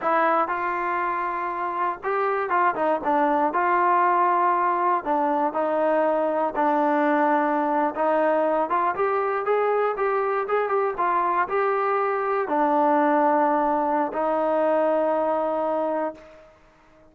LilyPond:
\new Staff \with { instrumentName = "trombone" } { \time 4/4 \tempo 4 = 119 e'4 f'2. | g'4 f'8 dis'8 d'4 f'4~ | f'2 d'4 dis'4~ | dis'4 d'2~ d'8. dis'16~ |
dis'4~ dis'16 f'8 g'4 gis'4 g'16~ | g'8. gis'8 g'8 f'4 g'4~ g'16~ | g'8. d'2.~ d'16 | dis'1 | }